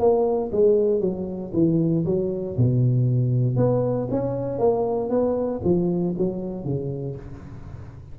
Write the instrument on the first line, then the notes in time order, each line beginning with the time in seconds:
tuba
0.00 A#3
0.53 G#3
1.01 F#3
1.54 E3
2.06 F#3
2.58 B2
3.57 B3
4.11 C#4
4.59 A#3
5.10 B3
5.65 F3
6.18 F#3
6.65 C#3